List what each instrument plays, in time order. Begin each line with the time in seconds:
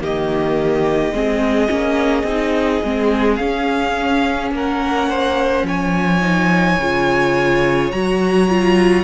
0.00 cello D#3, viola A#3, violin G4 D#5
1.12 cello G#3, viola C4, violin G#4
1.69 cello A#3, viola C#4
2.24 cello C4, viola D#4
2.84 cello G#3, viola C4
3.36 viola C#4, cello C#4, violin F5
4.51 cello A#3, violin A#4 F#5
5.10 violin C5
5.64 cello F3, violin C#5 G#5
6.21 viola D#4
6.79 cello C#3, viola F4
7.92 cello F#3, viola F#4, violin A#5
8.50 viola F4